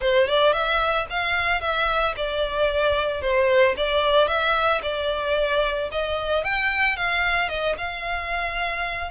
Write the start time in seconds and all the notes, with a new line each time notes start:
0.00 C5
0.27 D5
0.52 E5
1.10 F5
1.60 E5
2.16 D5
3.21 C5
3.76 D5
4.27 E5
4.82 D5
5.91 D#5
6.44 G5
6.96 F5
7.49 D#5
7.77 F5